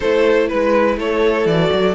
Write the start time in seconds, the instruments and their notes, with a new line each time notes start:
0.00 cello A3, viola E4, violin A4 C5
0.47 cello G#3, violin B4
0.97 cello A3, violin A4 C#5
1.45 cello E3, viola F#4, violin D5
1.72 cello F#3